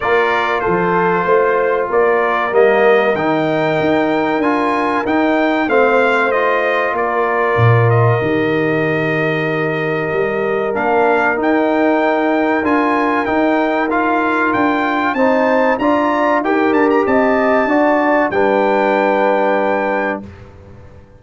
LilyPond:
<<
  \new Staff \with { instrumentName = "trumpet" } { \time 4/4 \tempo 4 = 95 d''4 c''2 d''4 | dis''4 g''2 gis''4 | g''4 f''4 dis''4 d''4~ | d''8 dis''2.~ dis''8~ |
dis''4 f''4 g''2 | gis''4 g''4 f''4 g''4 | a''4 ais''4 g''8 a''16 ais''16 a''4~ | a''4 g''2. | }
  \new Staff \with { instrumentName = "horn" } { \time 4/4 ais'4 a'4 c''4 ais'4~ | ais'1~ | ais'4 c''2 ais'4~ | ais'1~ |
ais'1~ | ais'1 | c''4 d''4 ais'4 dis''4 | d''4 b'2. | }
  \new Staff \with { instrumentName = "trombone" } { \time 4/4 f'1 | ais4 dis'2 f'4 | dis'4 c'4 f'2~ | f'4 g'2.~ |
g'4 d'4 dis'2 | f'4 dis'4 f'2 | dis'4 f'4 g'2 | fis'4 d'2. | }
  \new Staff \with { instrumentName = "tuba" } { \time 4/4 ais4 f4 a4 ais4 | g4 dis4 dis'4 d'4 | dis'4 a2 ais4 | ais,4 dis2. |
g4 ais4 dis'2 | d'4 dis'2 d'4 | c'4 d'4 dis'8 d'8 c'4 | d'4 g2. | }
>>